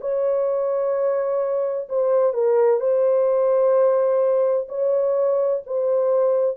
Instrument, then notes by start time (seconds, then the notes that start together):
horn
0.00 C#5
1.89 C5
2.33 A#4
2.80 C5
4.68 C#5
5.65 C5